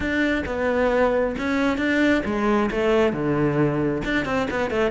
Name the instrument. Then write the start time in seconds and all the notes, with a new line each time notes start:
cello
0.00 D4
0.46 B3
1.38 C#4
1.77 D4
2.25 G#3
2.70 A3
3.13 D3
4.04 D4
4.25 C4
4.50 B3
4.70 A3